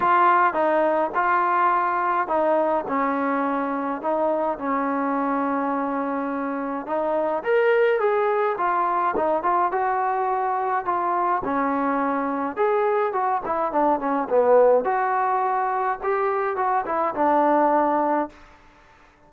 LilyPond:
\new Staff \with { instrumentName = "trombone" } { \time 4/4 \tempo 4 = 105 f'4 dis'4 f'2 | dis'4 cis'2 dis'4 | cis'1 | dis'4 ais'4 gis'4 f'4 |
dis'8 f'8 fis'2 f'4 | cis'2 gis'4 fis'8 e'8 | d'8 cis'8 b4 fis'2 | g'4 fis'8 e'8 d'2 | }